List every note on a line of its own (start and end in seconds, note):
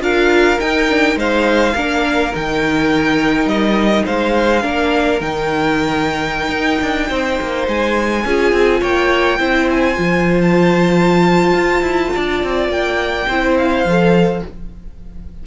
0.00 0.58 D4
0.00 0.58 F4
0.00 1.18 A#4
0.00 0.59 F5
0.59 0.88 D#4
0.59 1.16 D#4
0.59 1.17 G5
0.89 1.16 D4
1.16 1.74 G#3
1.16 1.73 D#4
1.16 1.74 C5
1.16 2.35 F5
1.74 2.33 A#3
1.74 2.32 D4
1.74 4.04 A#4
2.32 3.45 D#3
2.32 4.62 D#4
2.32 3.48 G5
3.45 4.03 G3
3.45 4.06 D#5
4.05 4.64 G#3
4.05 4.62 C5
4.05 5.21 F5
4.62 5.21 A#3
4.62 5.19 D4
4.62 7.07 A#4
5.21 6.49 D#3
5.21 8.23 D#4
5.21 7.66 G5
6.49 6.78 D#4
6.82 7.10 D4
7.08 7.39 C4
7.08 8.24 C5
7.41 7.67 A#3
7.67 8.25 G#3
7.67 8.83 G#5
8.25 8.52 C#4
8.25 9.39 F4
8.25 8.81 G#4
8.52 8.81 C4
8.81 9.39 A#3
8.81 9.39 C#5
8.81 9.69 G5
9.39 9.97 C4
9.39 9.95 E4
9.39 12.13 C5
9.70 10.41 G#5
9.95 11.53 F3
9.95 13.27 F4
10.41 12.71 A5
11.53 11.81 F4
11.81 12.10 E4
12.15 12.43 D4
12.15 13.28 D5
12.43 12.69 C4
12.69 13.26 A#3
12.69 13.57 G5
13.28 13.84 C4
13.28 13.88 E4
13.28 14.43 C5
13.57 14.44 F5
13.84 14.42 F3
13.84 14.46 A4